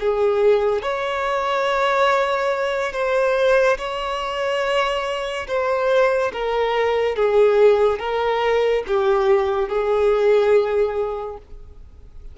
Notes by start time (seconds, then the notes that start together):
0.00 G#4
0.83 C#5
2.93 C5
3.78 C#5
5.48 C5
6.33 A#4
7.16 G#4
7.99 A#4
8.87 G4
9.69 G#4